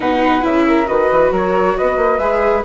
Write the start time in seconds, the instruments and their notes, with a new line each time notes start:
0.00 bassoon B2, viola D#4, flute B4 F#5
0.41 bassoon C#3, viola E4, flute E5
0.67 flute A#4
0.86 bassoon D#3, viola F#4, flute B4 D#5
1.11 bassoon E3
1.31 bassoon F#3, flute A#4 C#5
1.77 bassoon B3, flute B4 D#5
1.96 bassoon A#3
2.18 bassoon G#3, viola G#4, flute E5